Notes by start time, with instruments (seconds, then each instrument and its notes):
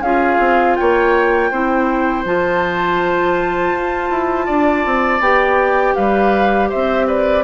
0.00 bassoon C#4, clarinet F4, oboe G#4, flute F5
0.39 bassoon C4
0.75 bassoon A#3, oboe C#5, flute G5
1.51 bassoon C4, clarinet E4, oboe C5
2.25 bassoon F3, clarinet F4, flute A5
3.72 bassoon F4
4.10 bassoon E4
4.46 bassoon D4, oboe D5
4.86 bassoon C4
5.20 bassoon B3, clarinet G4, flute G5
5.95 bassoon G3, oboe B4, flute F5
6.69 bassoon C4, oboe C5, flute E5
7.07 oboe B4, flute D5